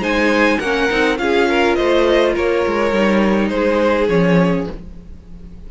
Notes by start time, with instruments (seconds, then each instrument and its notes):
0.00 cello G#3, viola D#4, violin C5 G#5
0.59 cello A#3, viola C#4, violin A#4 F#5
0.90 cello C4, viola D#4
1.17 cello C#4, viola F4, violin G#4 F5
1.49 violin A#4
1.76 cello A3, violin C5 D#5
2.34 cello A#3, violin A#4 C#5
2.67 cello G#3
2.92 cello G3, viola D#4
3.49 cello G#3, violin G#4 C5
4.09 cello F3, viola C#4, violin C#5